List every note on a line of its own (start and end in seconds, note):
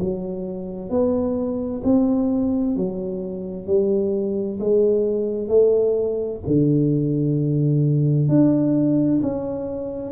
0.00 0.90 F#3
0.90 1.82 B3
1.84 2.77 C4
2.77 3.67 F#3
3.67 4.59 G3
4.60 5.48 G#3
5.48 6.41 A3
6.47 8.29 D3
8.29 9.21 D4
9.23 10.12 C#4